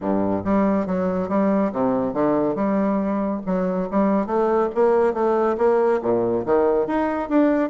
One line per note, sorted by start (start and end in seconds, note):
0.00 0.43 G2
0.44 0.86 G3
0.86 1.28 F#3
1.28 1.71 G3
1.72 2.13 C3
2.13 2.55 D3
2.55 3.41 G3
3.46 3.88 F#3
3.90 4.26 G3
4.26 4.69 A3
4.75 5.13 A#3
5.13 5.56 A3
5.57 6.00 A#3
6.01 6.44 A#2
6.45 6.86 D#3
6.86 7.29 D#4
7.29 7.70 D4